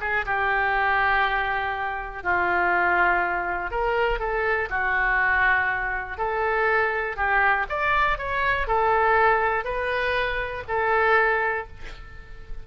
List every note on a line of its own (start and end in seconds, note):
0.00 0.25 G#4
0.25 2.23 G4
2.23 3.71 F4
3.71 4.19 A#4
4.19 4.69 A4
4.69 6.17 F#4
6.17 7.16 A4
7.16 7.66 G4
7.69 8.18 D5
8.18 8.67 C#5
8.67 9.64 A4
9.64 10.63 B4
10.68 11.67 A4